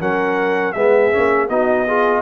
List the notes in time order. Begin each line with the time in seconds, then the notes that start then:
0.00 F#3 C#4 A#4 F#5
0.72 G#3 B3 G#4 E5
1.12 A#3 C#4
1.49 B3 D#4 F#4 D#5
1.87 F4 G#4